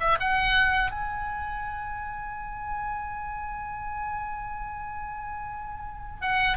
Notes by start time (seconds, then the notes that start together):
0.00 E5
0.20 F#5
0.91 G#5
6.21 F#5